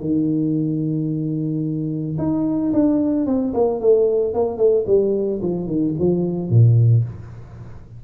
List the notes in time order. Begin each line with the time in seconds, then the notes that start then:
0.00 D#3
2.18 D#4
2.72 D4
3.26 C4
3.53 A#3
3.80 A3
4.34 A#3
4.57 A3
4.86 G3
5.41 F3
5.66 D#3
5.99 F3
6.50 A#2